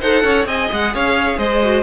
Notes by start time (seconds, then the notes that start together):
0.00 D#4 A4 C5 F#5
0.23 C#4 C#5
0.46 C4 G#4 D#5 G#5
0.71 G#3 F#5
0.94 C#4 C#5 F5
1.37 G#3 C5 D#5
1.62 F#4